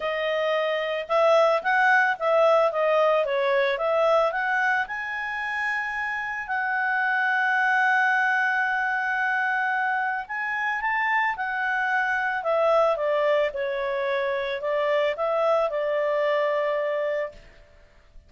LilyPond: \new Staff \with { instrumentName = "clarinet" } { \time 4/4 \tempo 4 = 111 dis''2 e''4 fis''4 | e''4 dis''4 cis''4 e''4 | fis''4 gis''2. | fis''1~ |
fis''2. gis''4 | a''4 fis''2 e''4 | d''4 cis''2 d''4 | e''4 d''2. | }